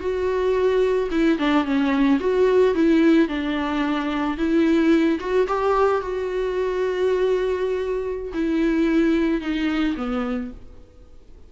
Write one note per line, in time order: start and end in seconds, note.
0.00 1.09 F#4
1.11 1.39 E4
1.39 1.65 D4
1.65 2.19 C#4
2.20 2.75 F#4
2.75 3.29 E4
3.29 4.37 D4
4.37 5.19 E4
5.20 5.47 F#4
5.47 6.01 G4
6.01 8.33 F#4
8.34 9.41 E4
9.41 9.95 D#4
9.97 10.51 B3